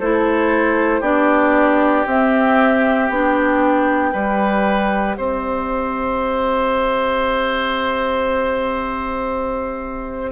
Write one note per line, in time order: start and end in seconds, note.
0.00 1.01 A3
0.00 1.03 E4
0.00 1.00 A4
0.00 1.03 C5
1.00 2.05 B3
1.00 2.06 D4
1.00 4.11 G4
1.00 2.06 D5
2.06 3.10 C4
2.06 3.11 C4
2.06 3.11 E5
3.10 4.13 B3
3.10 4.13 D4
3.10 5.16 G5
4.13 5.17 G3
4.13 10.32 G4
4.13 5.16 B4
5.16 10.32 C4
5.16 10.32 C5
5.16 10.32 E5